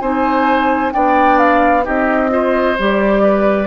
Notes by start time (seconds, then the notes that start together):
0.00 C4 D#4 C5 G#5
0.92 B3 D4 D5 G5
1.38 F5
1.83 C4 D#4 G4 D#5
2.29 F4 C5
2.78 G3 G4 D5
3.23 B4